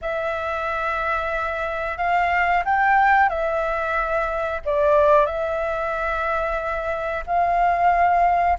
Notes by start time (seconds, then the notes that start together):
0.01 E5
1.97 F5
2.64 G5
3.29 E5
4.65 D5
5.26 E5
7.26 F5